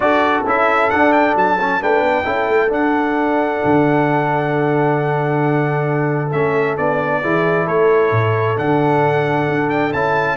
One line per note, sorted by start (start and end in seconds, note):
0.00 0.43 D4
0.00 0.45 F#4
0.00 1.81 A4
0.00 0.44 D5
0.46 0.92 C#4
0.46 0.90 E4
0.46 0.89 E5
0.89 1.58 D4
0.89 1.35 D4
0.89 1.12 F#5
1.12 1.35 G5
1.35 1.80 F#3
1.35 1.82 A5
1.59 1.80 C#4
1.80 2.01 A3
1.80 2.23 D4
1.80 2.24 B4
1.80 2.72 G5
2.01 2.24 B3
2.23 2.48 C#4
2.23 2.68 E4
2.23 7.20 A4
2.49 2.70 A3
2.68 6.29 D4
2.68 3.61 D4
2.68 6.31 F#5
3.64 6.33 D3
6.31 6.78 A3
6.31 6.77 C#4
6.31 6.76 E5
6.77 7.23 B3
6.77 7.22 D4
6.77 7.67 D5
7.21 7.67 E3
7.21 8.57 E4
7.21 7.65 G#4
7.65 8.11 A3
7.65 10.36 A4
7.65 8.57 C#5
8.11 8.56 A2
8.57 9.48 D3
8.57 9.92 D4
8.57 9.69 F#5
9.48 9.93 D4
9.69 9.92 G5
9.92 10.37 C#4
9.92 10.37 E4
9.92 10.37 A5